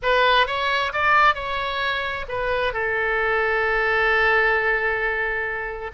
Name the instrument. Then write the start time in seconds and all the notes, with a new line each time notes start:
oboe
0.02 B4
0.47 C#5
0.93 D5
1.34 C#5
2.28 B4
2.73 A4